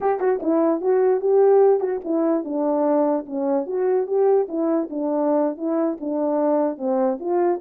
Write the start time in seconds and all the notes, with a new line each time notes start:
0.00 G4
0.20 F#4
0.42 E4
0.81 F#4
1.20 G4
1.79 F#4
2.04 E4
2.44 D4
3.26 C#4
3.66 F#4
4.06 G4
4.48 E4
4.90 D4
5.57 E4
6.00 D4
6.77 C4
7.19 F4